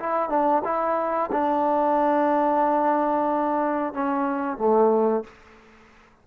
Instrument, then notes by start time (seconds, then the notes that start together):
trombone
0.00 E4
0.30 D4
0.64 E4
1.32 D4
3.94 C#4
4.58 A3